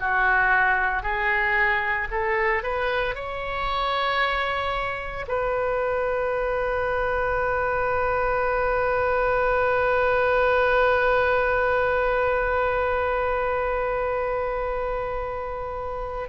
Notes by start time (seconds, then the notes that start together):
0.00 F#4
1.03 G#4
2.11 A4
2.63 B4
3.15 C#5
5.28 B4